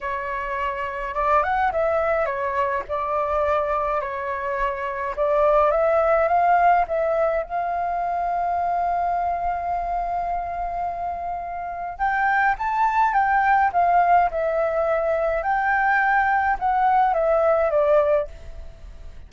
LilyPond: \new Staff \with { instrumentName = "flute" } { \time 4/4 \tempo 4 = 105 cis''2 d''8 fis''8 e''4 | cis''4 d''2 cis''4~ | cis''4 d''4 e''4 f''4 | e''4 f''2.~ |
f''1~ | f''4 g''4 a''4 g''4 | f''4 e''2 g''4~ | g''4 fis''4 e''4 d''4 | }